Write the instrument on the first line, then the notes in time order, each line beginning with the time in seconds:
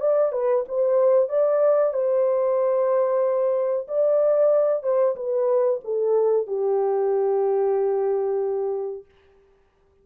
horn
0.00 D5
0.32 B4
0.68 C5
1.29 D5
1.93 C5
3.88 D5
4.83 C5
5.16 B4
5.84 A4
6.47 G4